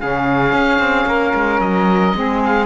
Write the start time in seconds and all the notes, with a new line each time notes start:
0.00 C#3 C#4 G#4 F5
0.52 C#4
0.79 C4
1.06 A#3 A#4
1.34 G#3
1.60 F#3 D#5
2.14 G#3 C4 G#4
2.45 F5